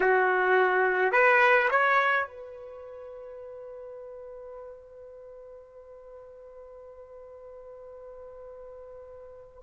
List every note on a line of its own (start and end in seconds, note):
0.00 1.12 F#4
1.12 1.68 B4
1.70 2.27 C#5
2.27 9.62 B4